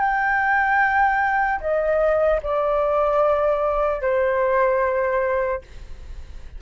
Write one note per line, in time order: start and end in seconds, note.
0.00 1.60 G5
1.61 2.41 D#5
2.43 4.02 D5
4.02 5.62 C5